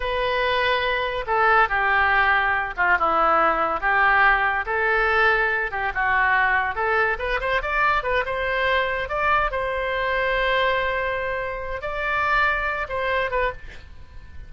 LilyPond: \new Staff \with { instrumentName = "oboe" } { \time 4/4 \tempo 4 = 142 b'2. a'4 | g'2~ g'8 f'8 e'4~ | e'4 g'2 a'4~ | a'4. g'8 fis'2 |
a'4 b'8 c''8 d''4 b'8 c''8~ | c''4. d''4 c''4.~ | c''1 | d''2~ d''8 c''4 b'8 | }